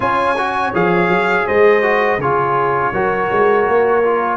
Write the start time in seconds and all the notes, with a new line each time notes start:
0.00 C#4 F4 C#5 G#5
0.37 F#4
0.74 F3 G#4 F5
1.07 F#3
1.46 G#3 C5 D#5
1.82 F#4
2.18 C#3 F4 G#4 C#5
2.92 F#3 F#4 A#4
3.31 G#3
3.67 A#3
4.03 F4